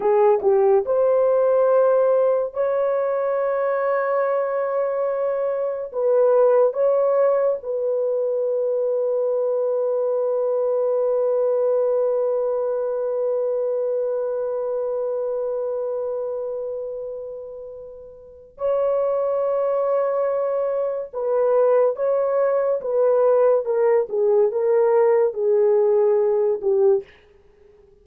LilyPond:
\new Staff \with { instrumentName = "horn" } { \time 4/4 \tempo 4 = 71 gis'8 g'8 c''2 cis''4~ | cis''2. b'4 | cis''4 b'2.~ | b'1~ |
b'1~ | b'2 cis''2~ | cis''4 b'4 cis''4 b'4 | ais'8 gis'8 ais'4 gis'4. g'8 | }